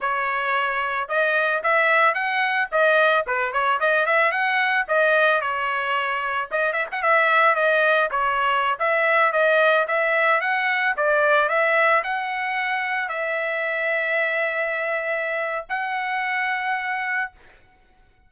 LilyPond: \new Staff \with { instrumentName = "trumpet" } { \time 4/4 \tempo 4 = 111 cis''2 dis''4 e''4 | fis''4 dis''4 b'8 cis''8 dis''8 e''8 | fis''4 dis''4 cis''2 | dis''8 e''16 fis''16 e''4 dis''4 cis''4~ |
cis''16 e''4 dis''4 e''4 fis''8.~ | fis''16 d''4 e''4 fis''4.~ fis''16~ | fis''16 e''2.~ e''8.~ | e''4 fis''2. | }